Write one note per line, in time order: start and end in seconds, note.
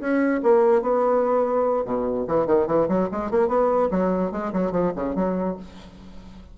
0.00 0.41 C#4
0.43 0.82 A#3
0.82 1.85 B3
1.85 2.26 B2
2.28 2.47 E3
2.47 2.67 D#3
2.67 2.88 E3
2.89 3.09 F#3
3.12 3.31 G#3
3.31 3.48 A#3
3.48 3.89 B3
3.91 4.32 F#3
4.32 4.53 G#3
4.53 4.72 F#3
4.72 4.93 F3
4.96 5.16 C#3
5.16 5.57 F#3